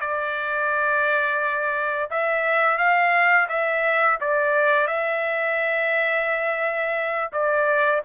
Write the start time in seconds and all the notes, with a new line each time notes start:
0.00 D5
2.10 E5
2.77 F5
3.49 E5
4.20 D5
4.87 E5
7.32 D5